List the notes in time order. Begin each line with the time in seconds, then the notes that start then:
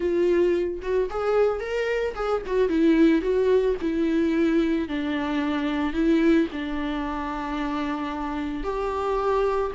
0.00 F4
0.81 F#4
1.10 G#4
1.60 A#4
2.14 G#4
2.46 F#4
2.69 E4
3.21 F#4
3.81 E4
4.88 D4
5.93 E4
6.52 D4
8.63 G4